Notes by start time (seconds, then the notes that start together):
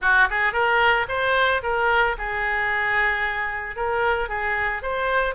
0.01 F#4
0.30 G#4
0.52 A#4
1.08 C5
1.62 A#4
2.18 G#4
3.76 A#4
4.29 G#4
4.82 C5